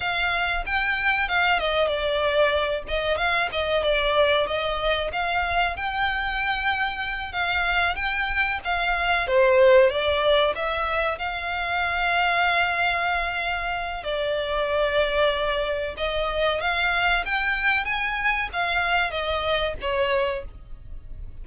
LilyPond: \new Staff \with { instrumentName = "violin" } { \time 4/4 \tempo 4 = 94 f''4 g''4 f''8 dis''8 d''4~ | d''8 dis''8 f''8 dis''8 d''4 dis''4 | f''4 g''2~ g''8 f''8~ | f''8 g''4 f''4 c''4 d''8~ |
d''8 e''4 f''2~ f''8~ | f''2 d''2~ | d''4 dis''4 f''4 g''4 | gis''4 f''4 dis''4 cis''4 | }